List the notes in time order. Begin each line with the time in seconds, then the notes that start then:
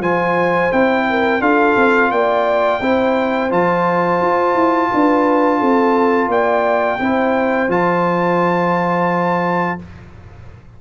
0.00 F3 F4 C5 G#5
0.72 C4 E4 G5
1.10 A#4
1.41 D4 F4 A4 F5
1.77 C4
2.11 A#3 D5 G5
2.81 C4 E4 C5
3.51 F3 F4 A5
4.21 F4
4.55 E4
4.91 D4 B4
5.59 C4 A4
6.28 A#3 D5 G5
7.00 C4 E4 C5
7.68 F3 F4 A5